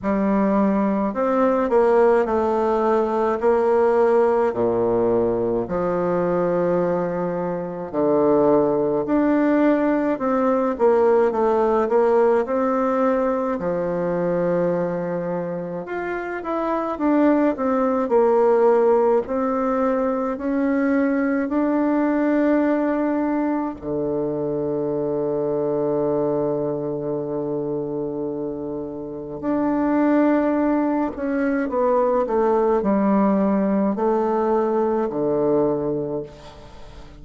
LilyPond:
\new Staff \with { instrumentName = "bassoon" } { \time 4/4 \tempo 4 = 53 g4 c'8 ais8 a4 ais4 | ais,4 f2 d4 | d'4 c'8 ais8 a8 ais8 c'4 | f2 f'8 e'8 d'8 c'8 |
ais4 c'4 cis'4 d'4~ | d'4 d2.~ | d2 d'4. cis'8 | b8 a8 g4 a4 d4 | }